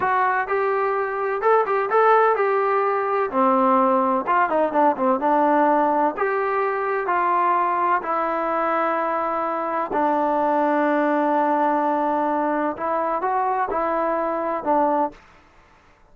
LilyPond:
\new Staff \with { instrumentName = "trombone" } { \time 4/4 \tempo 4 = 127 fis'4 g'2 a'8 g'8 | a'4 g'2 c'4~ | c'4 f'8 dis'8 d'8 c'8 d'4~ | d'4 g'2 f'4~ |
f'4 e'2.~ | e'4 d'2.~ | d'2. e'4 | fis'4 e'2 d'4 | }